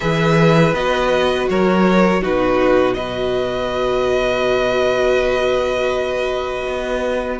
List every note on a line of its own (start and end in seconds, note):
0.00 0.73 E3
0.00 0.74 G#4
0.00 1.49 B4
0.00 0.74 E5
0.73 1.47 B3
0.73 2.21 F#4
0.73 1.48 D#5
1.49 2.23 F#3
1.49 2.22 A#4
1.49 2.23 C#5
2.21 6.67 B2
2.21 2.95 D#4
2.21 2.96 F#4
2.21 2.94 B4
2.94 7.40 F#4
2.94 7.40 B4
2.94 7.38 D#5
6.67 7.40 B3